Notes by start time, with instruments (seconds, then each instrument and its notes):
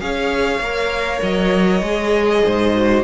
0.00 cello C#4, viola G#4, violin C#5 F5
0.59 cello A#3, viola A#4
1.22 cello F#3, violin D#5
1.82 cello G#3, viola G#4
2.44 cello G#2, violin C5
2.75 viola F#4